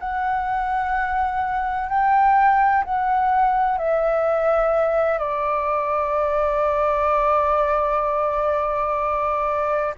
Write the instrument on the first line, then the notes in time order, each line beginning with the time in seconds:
flute
0.00 F#5
1.89 G5
2.85 F#5
3.78 E5
5.19 D5